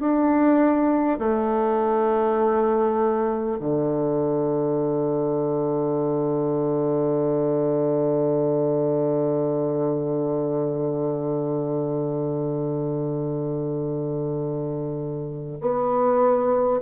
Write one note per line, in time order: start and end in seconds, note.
0.00 1.19 D4
1.19 3.59 A3
3.59 15.59 D3
15.61 16.81 B3